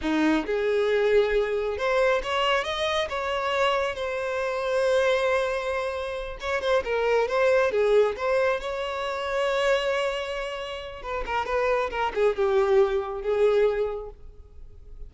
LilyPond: \new Staff \with { instrumentName = "violin" } { \time 4/4 \tempo 4 = 136 dis'4 gis'2. | c''4 cis''4 dis''4 cis''4~ | cis''4 c''2.~ | c''2~ c''8 cis''8 c''8 ais'8~ |
ais'8 c''4 gis'4 c''4 cis''8~ | cis''1~ | cis''4 b'8 ais'8 b'4 ais'8 gis'8 | g'2 gis'2 | }